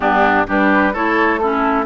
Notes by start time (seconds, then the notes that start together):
0.00 G2 B3 D4 G4
0.46 G3 D4 G4 B4
0.93 A3 E4 A4 C#5
1.38 C#4 E4 A4